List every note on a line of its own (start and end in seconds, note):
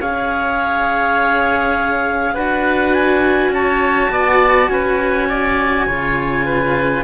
0.00 2.35 C#4
0.00 2.35 G#4
0.00 2.33 C#5
0.00 2.35 F5
2.33 3.50 D4
2.33 5.88 F#4
2.33 3.51 B4
2.33 2.93 F#5
2.93 3.52 G#5
3.50 4.08 C#4
3.50 4.11 C#5
3.50 4.68 A5
4.10 4.68 B3
4.10 4.70 D5
4.68 5.86 C#4
4.68 5.28 B4
4.68 7.03 G#5
5.28 5.86 D5
5.86 7.03 C#3
5.86 7.03 F4
5.86 6.45 C#5
6.45 7.03 B4